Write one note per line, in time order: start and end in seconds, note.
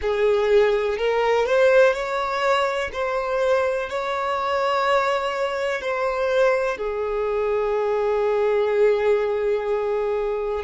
0.01 0.97 G#4
0.97 1.46 A#4
1.46 1.93 C5
1.93 2.90 C#5
2.93 3.89 C5
3.89 5.81 C#5
5.81 6.77 C5
6.77 10.63 G#4